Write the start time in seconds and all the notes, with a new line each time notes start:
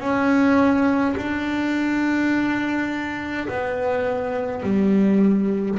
0.00 C#4
1.17 D4
3.48 B3
4.63 G3